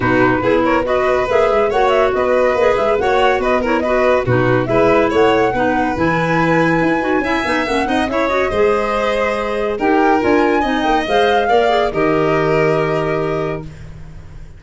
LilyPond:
<<
  \new Staff \with { instrumentName = "flute" } { \time 4/4 \tempo 4 = 141 b'4. cis''8 dis''4 e''4 | fis''8 e''8 dis''4. e''8 fis''4 | dis''8 cis''8 dis''4 b'4 e''4 | fis''2 gis''2~ |
gis''2 fis''4 e''8 dis''8~ | dis''2. g''4 | gis''4. g''8 f''2 | dis''1 | }
  \new Staff \with { instrumentName = "violin" } { \time 4/4 fis'4 gis'8 ais'8 b'2 | cis''4 b'2 cis''4 | b'8 ais'8 b'4 fis'4 b'4 | cis''4 b'2.~ |
b'4 e''4. dis''8 cis''4 | c''2. ais'4~ | ais'4 dis''2 d''4 | ais'1 | }
  \new Staff \with { instrumentName = "clarinet" } { \time 4/4 dis'4 e'4 fis'4 gis'4 | fis'2 gis'4 fis'4~ | fis'8 e'8 fis'4 dis'4 e'4~ | e'4 dis'4 e'2~ |
e'8 fis'8 e'8 dis'8 cis'8 dis'8 e'8 fis'8 | gis'2. g'4 | f'4 dis'4 c''4 ais'8 gis'8 | g'1 | }
  \new Staff \with { instrumentName = "tuba" } { \time 4/4 b,4 b2 ais8 gis8 | ais4 b4 ais8 gis8 ais4 | b2 b,4 gis4 | a4 b4 e2 |
e'8 dis'8 cis'8 b8 ais8 c'8 cis'4 | gis2. dis'4 | d'4 c'8 ais8 gis4 ais4 | dis1 | }
>>